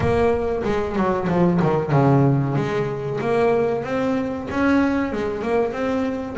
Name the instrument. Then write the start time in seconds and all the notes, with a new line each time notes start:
double bass
0.00 A#3
0.64 G#3
0.95 F#3
1.28 F3
1.62 D#3
1.91 C#3
2.55 G#3
3.20 A#3
3.84 C4
4.50 C#4
5.12 G#3
5.42 A#3
5.72 C4